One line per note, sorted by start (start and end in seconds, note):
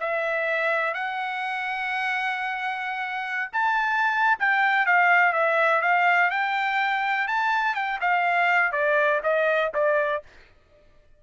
0.00 0.94 E5
0.94 3.50 F#5
3.53 4.38 A5
4.39 4.86 G5
4.86 5.33 F5
5.33 5.82 E5
5.82 6.30 F5
6.31 7.28 G5
7.28 7.75 A5
7.75 8.00 G5
8.01 8.72 F5
8.72 9.21 D5
9.23 9.72 D#5
9.74 10.23 D5